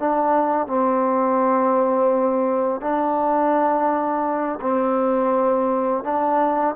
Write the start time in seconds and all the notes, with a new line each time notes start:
0.00 D4
0.68 C4
2.81 D4
4.61 C4
6.04 D4